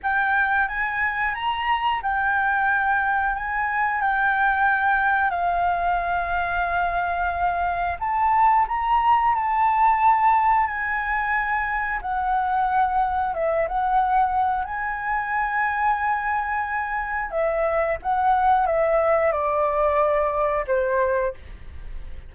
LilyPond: \new Staff \with { instrumentName = "flute" } { \time 4/4 \tempo 4 = 90 g''4 gis''4 ais''4 g''4~ | g''4 gis''4 g''2 | f''1 | a''4 ais''4 a''2 |
gis''2 fis''2 | e''8 fis''4. gis''2~ | gis''2 e''4 fis''4 | e''4 d''2 c''4 | }